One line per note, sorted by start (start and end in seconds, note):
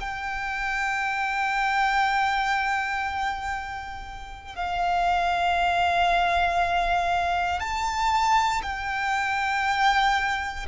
0.00 4.55 G5
4.55 7.60 F5
7.60 8.62 A5
8.63 10.66 G5